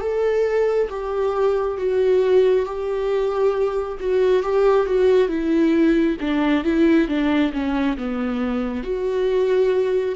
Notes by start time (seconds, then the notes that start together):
0.00 A4
0.89 G4
1.77 F#4
2.66 G4
3.99 F#4
4.43 G4
4.86 F#4
5.28 E4
6.20 D4
6.63 E4
7.07 D4
7.52 C#4
7.97 B3
8.83 F#4